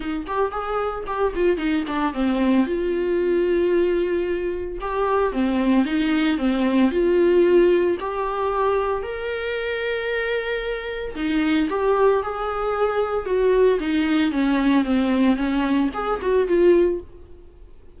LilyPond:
\new Staff \with { instrumentName = "viola" } { \time 4/4 \tempo 4 = 113 dis'8 g'8 gis'4 g'8 f'8 dis'8 d'8 | c'4 f'2.~ | f'4 g'4 c'4 dis'4 | c'4 f'2 g'4~ |
g'4 ais'2.~ | ais'4 dis'4 g'4 gis'4~ | gis'4 fis'4 dis'4 cis'4 | c'4 cis'4 gis'8 fis'8 f'4 | }